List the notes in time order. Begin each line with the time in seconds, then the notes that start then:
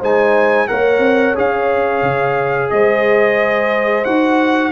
0.00 G#3 D#4 C5 G#5
0.68 A#3 A#4 C#5 F#5
0.99 C4
1.35 C#4 G#4 F5
2.02 C#3
2.71 G#3 C5 D#5
4.05 D#4 F#4 F#5